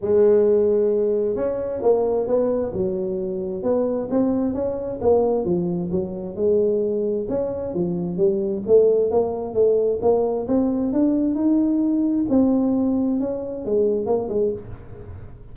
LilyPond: \new Staff \with { instrumentName = "tuba" } { \time 4/4 \tempo 4 = 132 gis2. cis'4 | ais4 b4 fis2 | b4 c'4 cis'4 ais4 | f4 fis4 gis2 |
cis'4 f4 g4 a4 | ais4 a4 ais4 c'4 | d'4 dis'2 c'4~ | c'4 cis'4 gis4 ais8 gis8 | }